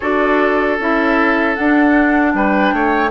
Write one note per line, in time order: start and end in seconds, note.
0.00 0.79 D4
0.00 0.79 F#4
0.00 2.32 A4
0.00 0.77 D5
0.79 1.57 C#4
0.79 1.56 E4
0.79 1.55 E5
1.55 3.10 D4
1.55 2.33 D4
1.55 2.33 F#5
2.33 2.72 G3
2.33 2.74 B4
2.33 3.10 G5
2.73 3.10 A3
2.73 3.10 C#5